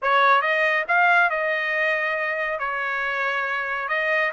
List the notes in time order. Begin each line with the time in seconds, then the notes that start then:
0.01 C#5
0.41 D#5
0.88 F5
1.30 D#5
2.59 C#5
3.88 D#5